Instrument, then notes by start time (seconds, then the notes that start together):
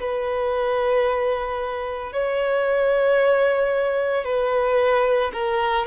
violin
0.00 B4
2.13 C#5
4.25 B4
5.33 A#4